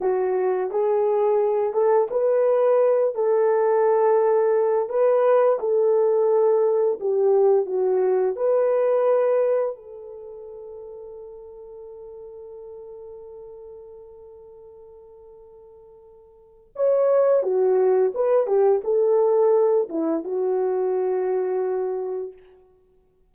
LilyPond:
\new Staff \with { instrumentName = "horn" } { \time 4/4 \tempo 4 = 86 fis'4 gis'4. a'8 b'4~ | b'8 a'2~ a'8 b'4 | a'2 g'4 fis'4 | b'2 a'2~ |
a'1~ | a'1 | cis''4 fis'4 b'8 g'8 a'4~ | a'8 e'8 fis'2. | }